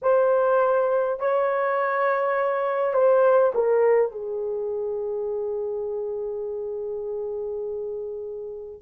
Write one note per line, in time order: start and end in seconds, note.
0.02 1.19 C5
1.19 2.93 C#5
2.93 3.52 C5
3.54 4.11 A#4
4.11 8.81 G#4